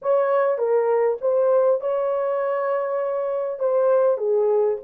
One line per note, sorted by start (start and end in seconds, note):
0.02 0.58 C#5
0.58 1.18 A#4
1.21 1.80 C5
1.80 3.59 C#5
3.59 4.17 C5
4.17 4.77 G#4